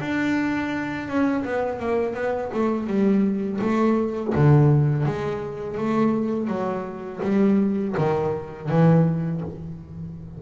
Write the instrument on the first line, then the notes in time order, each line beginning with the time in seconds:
double bass
0.00 D4
1.08 C#4
1.45 B3
1.79 A#3
2.15 B3
2.54 A3
2.87 G3
3.61 A3
4.35 D3
5.06 G#3
5.78 A3
6.48 F#3
7.23 G3
7.98 D#3
8.69 E3